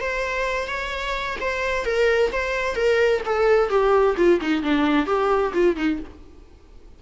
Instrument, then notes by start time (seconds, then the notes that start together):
viola
0.00 C5
0.67 C#5
1.40 C5
1.85 A#4
2.32 C5
2.75 A#4
3.25 A4
3.69 G4
4.16 F4
4.41 D#4
4.62 D4
5.06 G4
5.53 F4
5.76 D#4